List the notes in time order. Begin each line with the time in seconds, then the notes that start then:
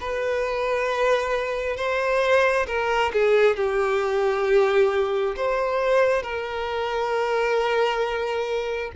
0.00 B4
1.77 C5
2.67 A#4
3.13 G#4
3.56 G4
5.36 C5
6.23 A#4